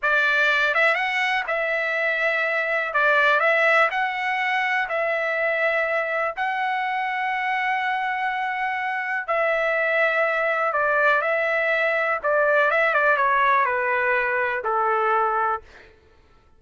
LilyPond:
\new Staff \with { instrumentName = "trumpet" } { \time 4/4 \tempo 4 = 123 d''4. e''8 fis''4 e''4~ | e''2 d''4 e''4 | fis''2 e''2~ | e''4 fis''2.~ |
fis''2. e''4~ | e''2 d''4 e''4~ | e''4 d''4 e''8 d''8 cis''4 | b'2 a'2 | }